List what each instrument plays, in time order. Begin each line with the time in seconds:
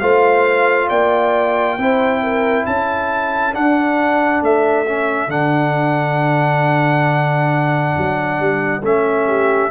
0.00 tuba A3, trombone F4, horn C5, trumpet F5
0.88 tuba A#3, horn D5, trumpet G5
1.78 tuba C4, trombone E4, horn C5
2.23 horn A#4
2.66 tuba C#4, horn A4, trumpet A5
3.53 trombone D4, tuba D4, trumpet F#5
4.42 tuba A3, trumpet E5
4.86 trombone C#4
5.27 tuba D3, trombone D4, trumpet F#5
7.97 tuba F#3
8.40 tuba G3
8.82 tuba A3, trombone C#4, trumpet E5
9.26 horn G4